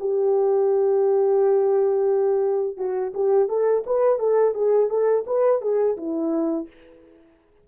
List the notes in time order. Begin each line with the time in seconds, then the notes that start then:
0.00 G4
2.78 F#4
3.15 G4
3.49 A4
3.87 B4
4.19 A4
4.55 G#4
4.90 A4
5.27 B4
5.62 G#4
5.97 E4